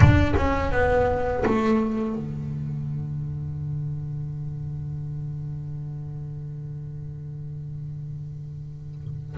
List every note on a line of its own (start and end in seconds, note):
0.00 0.34 D4
0.36 0.71 C#4
0.71 1.44 B3
1.45 2.15 A3
2.15 9.37 D3